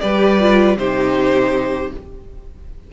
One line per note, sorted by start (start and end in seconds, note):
0.00 0.77 G3
0.00 0.39 G4
0.00 0.78 B4
0.00 0.76 D5
0.39 0.77 F4
0.77 1.91 C3
0.77 1.93 D#4
0.77 1.92 G4
0.77 1.92 C5